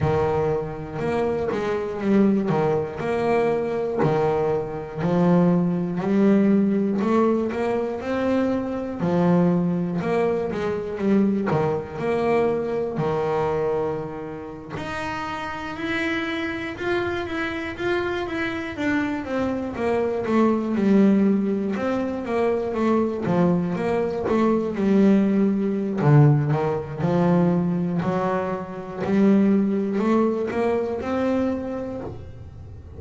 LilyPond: \new Staff \with { instrumentName = "double bass" } { \time 4/4 \tempo 4 = 60 dis4 ais8 gis8 g8 dis8 ais4 | dis4 f4 g4 a8 ais8 | c'4 f4 ais8 gis8 g8 dis8 | ais4 dis4.~ dis16 dis'4 e'16~ |
e'8. f'8 e'8 f'8 e'8 d'8 c'8 ais16~ | ais16 a8 g4 c'8 ais8 a8 f8 ais16~ | ais16 a8 g4~ g16 d8 dis8 f4 | fis4 g4 a8 ais8 c'4 | }